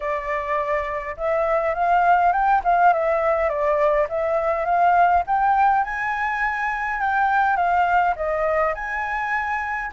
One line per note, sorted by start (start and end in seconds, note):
0.00 1.16 D5
1.17 1.74 E5
1.74 2.32 F5
2.32 2.61 G5
2.63 2.93 F5
2.93 3.49 E5
3.49 4.07 D5
4.09 4.65 E5
4.65 5.23 F5
5.26 5.84 G5
5.84 7.00 G#5
7.00 7.56 G5
7.56 8.14 F5
8.16 8.74 D#5
8.74 9.91 G#5